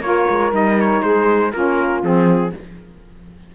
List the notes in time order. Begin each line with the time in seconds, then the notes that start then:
0.00 A#3 F4 A#4 C#5
0.30 G#3
0.51 G3 D#4 D#5
0.80 C#5
1.02 G#3 G#4 C5
1.52 A#3 C#4 F4 A#4
2.03 F3 C4 G#4